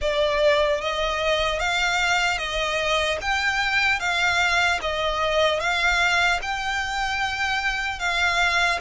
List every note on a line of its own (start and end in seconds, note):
0.01 0.81 D5
0.81 1.59 D#5
1.59 2.37 F5
2.37 3.17 D#5
3.21 3.99 G5
3.99 4.79 F5
4.81 5.60 D#5
5.60 6.40 F5
6.41 7.99 G5
7.99 8.79 F5